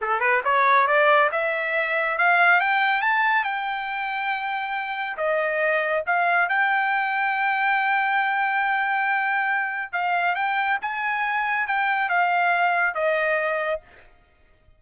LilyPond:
\new Staff \with { instrumentName = "trumpet" } { \time 4/4 \tempo 4 = 139 a'8 b'8 cis''4 d''4 e''4~ | e''4 f''4 g''4 a''4 | g''1 | dis''2 f''4 g''4~ |
g''1~ | g''2. f''4 | g''4 gis''2 g''4 | f''2 dis''2 | }